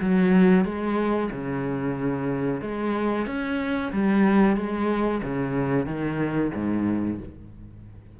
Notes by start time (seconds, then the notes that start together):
0.00 F#3
0.65 G#3
1.31 C#3
2.61 G#3
3.26 C#4
3.92 G3
4.56 G#3
5.23 C#3
5.86 D#3
6.54 G#2